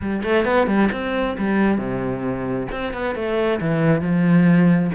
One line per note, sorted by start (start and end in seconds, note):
0.01 0.23 G3
0.23 0.45 A3
0.45 0.67 B3
0.67 0.89 G3
0.92 1.36 C4
1.38 1.78 G3
1.78 2.67 C3
2.71 2.93 C4
2.93 3.15 B3
3.15 3.59 A3
3.60 4.01 E3
4.01 4.90 F3